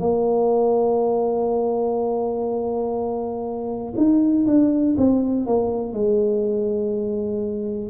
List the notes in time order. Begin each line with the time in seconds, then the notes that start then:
0.00 A#3
3.97 D#4
4.47 D4
4.98 C4
5.46 A#3
5.93 G#3